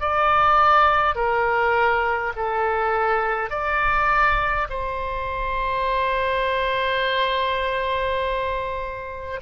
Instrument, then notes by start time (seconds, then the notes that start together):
oboe
0.00 D5
1.16 A#4
2.36 A4
3.50 D5
4.70 C5